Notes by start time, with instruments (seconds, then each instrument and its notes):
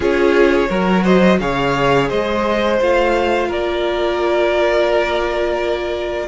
0.00 cello C#4, viola F4, violin G#4 C#5
0.69 cello F#3, viola F#4, violin A#4
1.03 violin C5 D#5
1.40 cello C#3, viola G#4, violin C#5 F5
2.08 cello G#3, violin C5 D#5
2.79 cello A3, viola F4, violin F5
3.48 cello A#3, violin A#4 D5